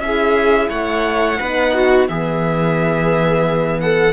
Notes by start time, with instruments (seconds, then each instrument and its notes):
0.00 cello C#4, horn E4, viola G#4, violin E5
0.70 cello A3, viola C#5, violin F#5
1.40 cello B3, horn D#4, viola B4
1.73 viola F#4
2.08 cello E3, horn B3, viola G#4, violin E5
3.81 viola A4, violin F#5